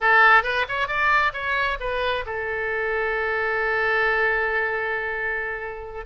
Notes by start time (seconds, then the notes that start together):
0.00 A4
0.43 B4
0.68 C#5
0.87 D5
1.33 C#5
1.80 B4
2.26 A4